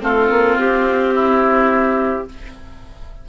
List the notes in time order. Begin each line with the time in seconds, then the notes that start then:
0.00 A3 C4 F4 A4
0.30 A#3
0.57 C4 G4
1.15 E4